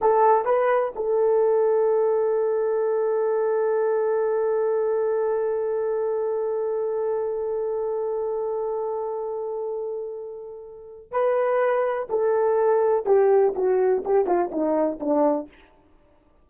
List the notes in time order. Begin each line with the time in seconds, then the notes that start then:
0.01 A4
0.45 B4
0.95 A4
11.11 B4
12.09 A4
13.05 G4
13.55 F#4
14.05 G4
14.26 F4
14.51 D#4
15.00 D4